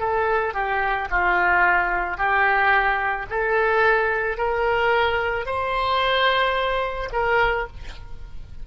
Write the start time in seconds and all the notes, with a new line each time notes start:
0.00 A4
0.54 G4
1.11 F4
2.18 G4
3.30 A4
4.38 A#4
5.46 C5
7.13 A#4